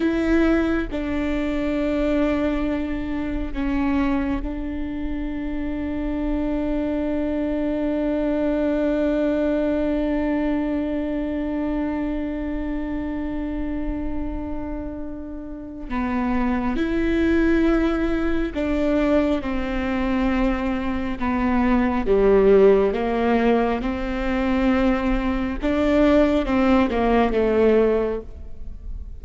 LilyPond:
\new Staff \with { instrumentName = "viola" } { \time 4/4 \tempo 4 = 68 e'4 d'2. | cis'4 d'2.~ | d'1~ | d'1~ |
d'2 b4 e'4~ | e'4 d'4 c'2 | b4 g4 ais4 c'4~ | c'4 d'4 c'8 ais8 a4 | }